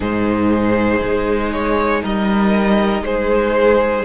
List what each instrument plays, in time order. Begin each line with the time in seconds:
0.00 cello G#2, viola D#4, violin G#4 C5
1.01 cello G#3
1.52 violin C#5
2.02 cello G3, violin A#4 D#5
3.01 cello G#3, violin G#4 C5